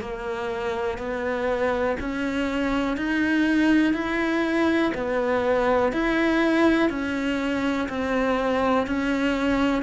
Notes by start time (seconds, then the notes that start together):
0.00 A#3
0.97 B3
2.00 C#4
2.96 D#4
3.93 E4
4.94 B3
5.92 E4
6.89 C#4
7.89 C4
8.87 C#4